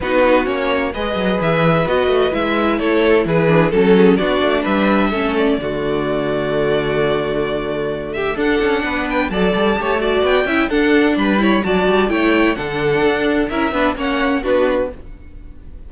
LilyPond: <<
  \new Staff \with { instrumentName = "violin" } { \time 4/4 \tempo 4 = 129 b'4 cis''4 dis''4 e''4 | dis''4 e''4 cis''4 b'4 | a'4 d''4 e''4. d''8~ | d''1~ |
d''4. e''8 fis''4. g''8 | a''2 g''4 fis''4 | b''4 a''4 g''4 fis''4~ | fis''4 e''4 fis''4 b'4 | }
  \new Staff \with { instrumentName = "violin" } { \time 4/4 fis'2 b'2~ | b'2 a'4 gis'4 | a'8 gis'8 fis'4 b'4 a'4 | fis'1~ |
fis'4. g'8 a'4 b'4 | d''4 cis''8 d''4 e''8 a'4 | b'8 cis''8 d''4 cis''4 a'4~ | a'4 ais'8 b'8 cis''4 fis'4 | }
  \new Staff \with { instrumentName = "viola" } { \time 4/4 dis'4 cis'4 gis'2 | fis'4 e'2~ e'8 d'8 | cis'4 d'2 cis'4 | a1~ |
a2 d'2 | a'4 g'8 fis'4 e'8 d'4~ | d'8 e'8 fis'4 e'4 d'4~ | d'4 e'8 d'8 cis'4 d'4 | }
  \new Staff \with { instrumentName = "cello" } { \time 4/4 b4 ais4 gis8 fis8 e4 | b8 a8 gis4 a4 e4 | fis4 b8 a8 g4 a4 | d1~ |
d2 d'8 cis'8 b4 | fis8 g8 a4 b8 cis'8 d'4 | g4 fis8 g8 a4 d4 | d'4 cis'8 b8 ais4 b4 | }
>>